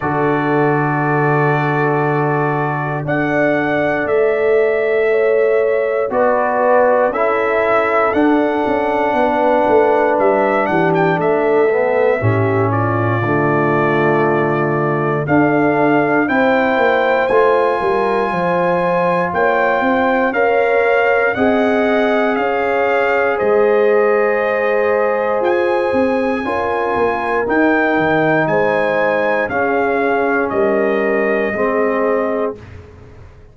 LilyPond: <<
  \new Staff \with { instrumentName = "trumpet" } { \time 4/4 \tempo 4 = 59 d''2. fis''4 | e''2 d''4 e''4 | fis''2 e''8 fis''16 g''16 e''4~ | e''8 d''2~ d''8 f''4 |
g''4 gis''2 g''4 | f''4 fis''4 f''4 dis''4~ | dis''4 gis''2 g''4 | gis''4 f''4 dis''2 | }
  \new Staff \with { instrumentName = "horn" } { \time 4/4 a'2. d''4~ | d''4 cis''4 b'4 a'4~ | a'4 b'4. g'8 a'4 | g'8 f'2~ f'8 a'4 |
c''4. ais'8 c''4 cis''8 c''8 | cis''4 dis''4 cis''4 c''4~ | c''2 ais'2 | c''4 gis'4 ais'4 gis'4 | }
  \new Staff \with { instrumentName = "trombone" } { \time 4/4 fis'2. a'4~ | a'2 fis'4 e'4 | d'2.~ d'8 b8 | cis'4 a2 d'4 |
e'4 f'2. | ais'4 gis'2.~ | gis'2 f'4 dis'4~ | dis'4 cis'2 c'4 | }
  \new Staff \with { instrumentName = "tuba" } { \time 4/4 d2. d'4 | a2 b4 cis'4 | d'8 cis'8 b8 a8 g8 e8 a4 | a,4 d2 d'4 |
c'8 ais8 a8 g8 f4 ais8 c'8 | cis'4 c'4 cis'4 gis4~ | gis4 f'8 c'8 cis'8 ais8 dis'8 dis8 | gis4 cis'4 g4 gis4 | }
>>